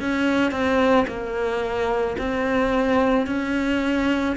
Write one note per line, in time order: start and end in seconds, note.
0.00 0.51 C#4
0.51 1.06 C4
1.08 2.17 A#3
2.18 3.27 C4
3.27 4.36 C#4